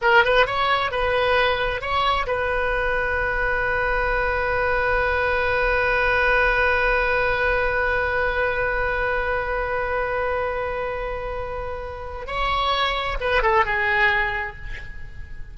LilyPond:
\new Staff \with { instrumentName = "oboe" } { \time 4/4 \tempo 4 = 132 ais'8 b'8 cis''4 b'2 | cis''4 b'2.~ | b'1~ | b'1~ |
b'1~ | b'1~ | b'2. cis''4~ | cis''4 b'8 a'8 gis'2 | }